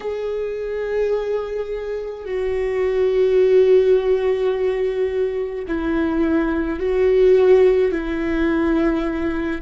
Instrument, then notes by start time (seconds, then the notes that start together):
viola
0.00 G#4
2.25 F#4
5.67 E4
6.79 F#4
7.91 E4